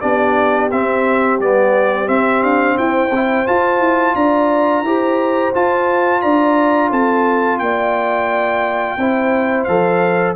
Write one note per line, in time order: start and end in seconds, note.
0.00 0.71 B3
0.00 0.70 D4
0.00 2.76 G4
0.00 0.69 D5
0.70 1.38 C4
0.70 1.41 C4
0.70 1.39 E5
1.38 2.07 G3
1.38 2.05 B3
1.38 2.08 D5
2.05 3.09 C4
2.05 2.42 C4
2.05 2.42 E5
2.42 2.77 D4
2.42 2.77 F5
2.77 3.10 E4
2.77 4.15 C5
2.77 3.46 G5
3.10 3.45 C4
3.10 3.46 E4
3.46 4.84 F4
3.46 3.79 F4
3.46 4.15 A5
3.79 4.13 E4
4.15 4.82 D4
4.15 4.85 D5
4.15 5.53 A#5
4.82 5.51 E4
4.82 5.53 G4
4.82 6.22 C5
5.53 8.98 F4
5.53 6.23 F4
5.53 6.21 A5
6.21 6.91 D4
6.21 6.90 D5
6.21 6.90 A#5
6.90 7.59 C4
6.90 7.59 A4
6.90 7.58 A5
7.58 8.97 A#3
7.58 8.99 D5
7.58 9.63 G5
8.97 9.66 C4
8.97 9.68 E4
8.97 10.35 C5
9.63 10.35 F3
9.63 10.35 A4
9.63 10.32 F5